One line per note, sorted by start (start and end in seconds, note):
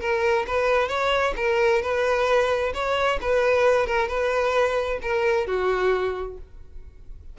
0.00 0.45 A#4
0.47 0.88 B4
0.88 1.34 C#5
1.36 1.82 A#4
1.82 2.73 B4
2.74 3.19 C#5
3.21 3.86 B4
3.86 4.08 A#4
4.08 4.99 B4
5.02 5.47 A#4
5.47 6.38 F#4